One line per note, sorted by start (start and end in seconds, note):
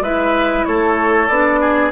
0.00 0.63 G#3
0.00 1.29 E4
0.00 0.66 B4
0.00 0.64 E5
0.64 1.29 A3
0.64 1.60 A4
0.64 1.27 C#5
1.27 1.91 B3
1.27 1.91 D4
1.27 1.90 D5
1.60 1.91 G#4